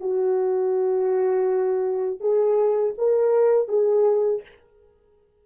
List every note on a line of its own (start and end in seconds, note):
0.00 2.20 F#4
2.20 2.94 G#4
2.98 3.68 A#4
3.68 4.42 G#4